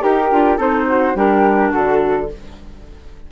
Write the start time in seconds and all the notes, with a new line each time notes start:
0.00 D#4 G4 A#4
0.31 D4 F4
0.57 C4 D#4 A4 C5
0.87 F#4
1.15 G3 D4 G4 A#4
1.70 D3 F#4 A4